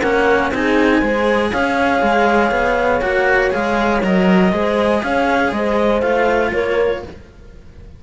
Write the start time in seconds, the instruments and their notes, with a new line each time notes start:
0.00 cello A#3 C#4, horn A#4, clarinet F#5
0.51 cello C4 D#4, horn G#4, clarinet G#5
0.98 cello G#3 G#4, horn C5
1.51 cello C#4, horn C#5, clarinet F5
2.02 cello G#3
2.50 cello B3
3.01 cello A#3 F#4, clarinet F#5
3.50 cello G#3 G#4, clarinet F5
4.02 cello F#3 A#4, clarinet D#5
4.52 cello G#3 G#4, horn C5
5.02 cello C#4, horn C#5, clarinet F5
5.52 cello G#3, horn C5, clarinet D#5
6.01 cello A3 F4, clarinet F5
6.52 cello A#3, horn A#4, clarinet C#5